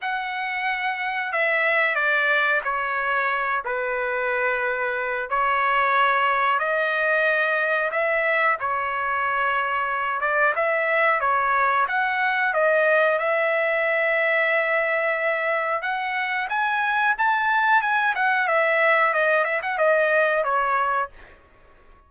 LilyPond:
\new Staff \with { instrumentName = "trumpet" } { \time 4/4 \tempo 4 = 91 fis''2 e''4 d''4 | cis''4. b'2~ b'8 | cis''2 dis''2 | e''4 cis''2~ cis''8 d''8 |
e''4 cis''4 fis''4 dis''4 | e''1 | fis''4 gis''4 a''4 gis''8 fis''8 | e''4 dis''8 e''16 fis''16 dis''4 cis''4 | }